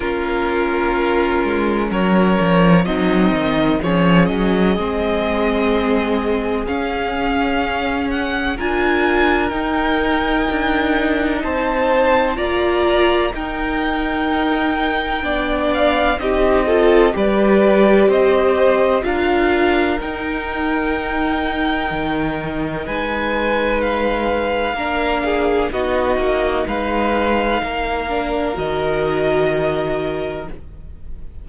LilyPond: <<
  \new Staff \with { instrumentName = "violin" } { \time 4/4 \tempo 4 = 63 ais'2 cis''4 dis''4 | cis''8 dis''2~ dis''8 f''4~ | f''8 fis''8 gis''4 g''2 | a''4 ais''4 g''2~ |
g''8 f''8 dis''4 d''4 dis''4 | f''4 g''2. | gis''4 f''2 dis''4 | f''2 dis''2 | }
  \new Staff \with { instrumentName = "violin" } { \time 4/4 f'2 ais'4 dis'4 | gis'1~ | gis'4 ais'2. | c''4 d''4 ais'2 |
d''4 g'8 a'8 b'4 c''4 | ais'1 | b'2 ais'8 gis'8 fis'4 | b'4 ais'2. | }
  \new Staff \with { instrumentName = "viola" } { \time 4/4 cis'2. c'4 | cis'4 c'2 cis'4~ | cis'4 f'4 dis'2~ | dis'4 f'4 dis'2 |
d'4 dis'8 f'8 g'2 | f'4 dis'2.~ | dis'2 d'4 dis'4~ | dis'4. d'8 fis'2 | }
  \new Staff \with { instrumentName = "cello" } { \time 4/4 ais4. gis8 fis8 f8 fis8 dis8 | f8 fis8 gis2 cis'4~ | cis'4 d'4 dis'4 d'4 | c'4 ais4 dis'2 |
b4 c'4 g4 c'4 | d'4 dis'2 dis4 | gis2 ais4 b8 ais8 | gis4 ais4 dis2 | }
>>